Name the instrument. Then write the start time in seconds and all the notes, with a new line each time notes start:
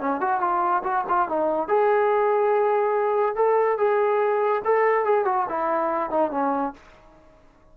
trombone
0.00 C#4
0.21 F#4
0.41 F4
0.84 F#4
1.09 F4
1.29 D#4
1.68 G#4
3.36 A4
3.78 G#4
4.65 A4
5.05 G#4
5.25 F#4
5.49 E4
6.10 D#4
6.31 C#4